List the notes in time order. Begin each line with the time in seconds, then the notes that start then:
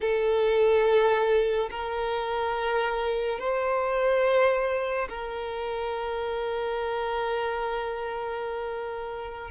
0.00 A4
1.70 A#4
3.39 C5
5.09 A#4